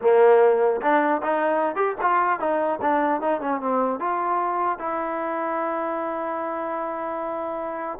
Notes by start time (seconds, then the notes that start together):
0.01 A#3
0.81 D4
1.22 D#4
1.75 G4
2.01 F4
2.39 D#4
2.81 D4
3.21 D#4
3.41 C#4
3.60 C4
3.99 F4
4.79 E4